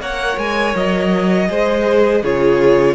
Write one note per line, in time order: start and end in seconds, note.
0.00 0.37 A#3
0.00 1.49 A#4
0.00 1.50 C#5
0.00 0.39 F#5
0.38 0.75 G#3
0.38 0.76 G#5
0.76 1.50 F#3
0.76 2.25 D#5
1.49 2.23 G#3
1.49 2.23 G#4
1.49 2.23 C5
2.23 2.95 C#3
2.23 2.95 F4
2.23 2.95 G#4
2.23 2.95 C#5